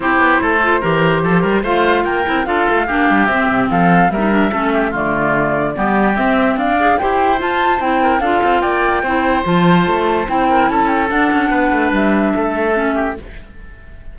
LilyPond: <<
  \new Staff \with { instrumentName = "flute" } { \time 4/4 \tempo 4 = 146 c''1 | f''4 g''4 f''2 | e''4 f''4 e''2 | d''2. e''4 |
f''4 g''4 a''4 g''4 | f''4 g''2 a''4~ | a''4 g''4 a''8 g''8 fis''4~ | fis''4 e''2. | }
  \new Staff \with { instrumentName = "oboe" } { \time 4/4 g'4 a'4 ais'4 a'8 ais'8 | c''4 ais'4 a'4 g'4~ | g'4 a'4 ais'4 a'8 g'8 | f'2 g'2 |
d''4 c''2~ c''8 ais'8 | a'4 d''4 c''2~ | c''4. ais'8 a'2 | b'2 a'4. g'8 | }
  \new Staff \with { instrumentName = "clarinet" } { \time 4/4 e'4. f'8 g'2 | f'4. e'8 f'4 d'4 | c'2 ais16 dis'16 d'8 cis'4 | a2 b4 c'4~ |
c'8 gis'8 g'4 f'4 e'4 | f'2 e'4 f'4~ | f'4 e'2 d'4~ | d'2. cis'4 | }
  \new Staff \with { instrumentName = "cello" } { \time 4/4 c'8 b8 a4 e4 f8 g8 | a4 ais8 c'8 d'8 a8 ais8 g8 | c'8 c8 f4 g4 a4 | d2 g4 c'4 |
d'4 e'4 f'4 c'4 | d'8 c'8 ais4 c'4 f4 | a4 c'4 cis'4 d'8 cis'8 | b8 a8 g4 a2 | }
>>